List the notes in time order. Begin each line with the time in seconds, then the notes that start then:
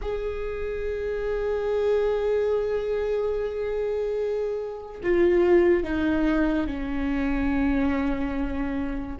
0.01 G#4
5.03 F4
5.83 D#4
6.66 C#4